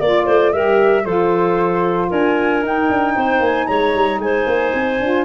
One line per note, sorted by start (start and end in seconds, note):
0.00 0.27 A#3
0.00 0.54 F4
0.00 0.26 D5
0.00 0.53 D5
0.26 0.54 A3
0.26 0.53 C5
0.53 1.05 G3
0.53 1.05 G4
0.53 1.05 A#4
0.53 1.05 E5
1.05 2.11 F3
1.05 2.63 F4
1.05 2.09 A4
1.05 2.11 C5
2.09 2.63 D4
2.09 3.15 A#4
2.09 2.64 G#5
2.63 2.89 D#4
2.63 5.00 D#4
2.63 3.45 G5
2.90 3.16 D4
3.16 3.40 C4
3.16 3.68 C5
3.40 3.66 A#3
3.40 3.67 G#5
3.67 3.95 G#3
3.67 4.21 C#5
3.67 4.20 A#5
3.95 4.19 G3
4.19 4.45 G#3
4.19 5.25 C5
4.19 5.25 G#5
4.47 4.73 A#3
4.74 5.00 C4
5.00 5.25 D4
5.00 5.25 F4